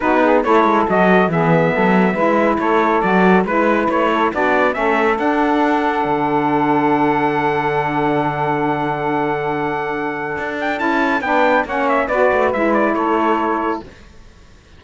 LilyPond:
<<
  \new Staff \with { instrumentName = "trumpet" } { \time 4/4 \tempo 4 = 139 b'4 cis''4 dis''4 e''4~ | e''2 cis''4 d''4 | b'4 cis''4 d''4 e''4 | fis''1~ |
fis''1~ | fis''1~ | fis''8 g''8 a''4 g''4 fis''8 e''8 | d''4 e''8 d''8 cis''2 | }
  \new Staff \with { instrumentName = "saxophone" } { \time 4/4 fis'8 gis'8 a'2 gis'4 | a'4 b'4 a'2 | b'4. a'8 fis'4 a'4~ | a'1~ |
a'1~ | a'1~ | a'2 b'4 cis''4 | b'2 a'2 | }
  \new Staff \with { instrumentName = "saxophone" } { \time 4/4 dis'4 e'4 fis'4 b4~ | b4 e'2 fis'4 | e'2 d'4 cis'4 | d'1~ |
d'1~ | d'1~ | d'4 e'4 d'4 cis'4 | fis'4 e'2. | }
  \new Staff \with { instrumentName = "cello" } { \time 4/4 b4 a8 gis8 fis4 e4 | fis4 gis4 a4 fis4 | gis4 a4 b4 a4 | d'2 d2~ |
d1~ | d1 | d'4 cis'4 b4 ais4 | b8 a8 gis4 a2 | }
>>